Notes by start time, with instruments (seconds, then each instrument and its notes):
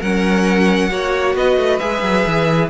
0.00 cello F#3, viola C#4, violin A#4 F#5
0.90 cello A#3, viola F#4, violin C#5
1.35 cello B3, violin B4 D#5
1.57 cello A3
1.79 cello G#3, viola G#4, violin E5
2.02 cello F#3
2.26 cello E3